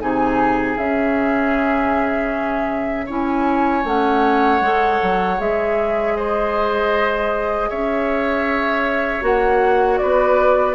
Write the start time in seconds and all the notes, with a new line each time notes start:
0.00 C3 D#4 G#4 G#5
0.77 C#3 C#4 E5
3.06 C#4 E4 C#5 G#5
3.84 A3 C#4 F#5
4.60 G#3 A4
5.02 F#3
5.37 G#3 G#4 E5
6.16 C5 D#5
7.69 C#4 C#5 E5
9.21 A#3 F#4 F#5
9.98 B3 B4 D5